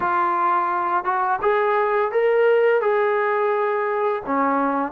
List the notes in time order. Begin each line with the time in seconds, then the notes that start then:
0.00 F4
1.04 F#4
1.41 G#4
2.11 A#4
2.81 G#4
4.25 C#4